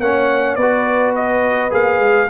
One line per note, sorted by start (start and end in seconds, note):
0.00 0.57 A#3
0.00 0.59 C#4
0.00 0.58 C#5
0.00 0.56 F#5
0.56 1.71 B3
0.56 1.70 F#4
0.56 2.30 B4
0.56 1.13 D5
1.16 1.73 D#5
1.70 1.99 A#3
1.70 2.28 G#4
1.70 2.30 F5
1.99 2.28 G#3